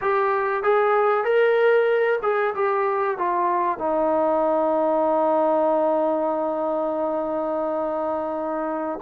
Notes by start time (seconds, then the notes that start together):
0.01 G4
0.63 G#4
1.24 A#4
2.22 G#4
2.54 G4
3.18 F4
3.78 D#4